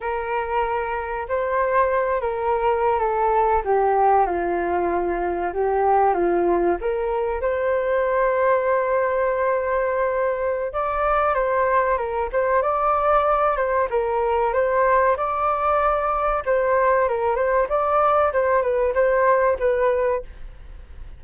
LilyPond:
\new Staff \with { instrumentName = "flute" } { \time 4/4 \tempo 4 = 95 ais'2 c''4. ais'8~ | ais'8. a'4 g'4 f'4~ f'16~ | f'8. g'4 f'4 ais'4 c''16~ | c''1~ |
c''4 d''4 c''4 ais'8 c''8 | d''4. c''8 ais'4 c''4 | d''2 c''4 ais'8 c''8 | d''4 c''8 b'8 c''4 b'4 | }